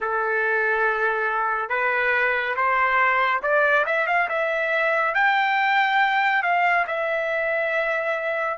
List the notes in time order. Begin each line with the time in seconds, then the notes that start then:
0.00 A4
1.69 B4
2.56 C5
3.42 D5
3.86 E5
4.06 F5
4.29 E5
5.14 G5
6.42 F5
6.87 E5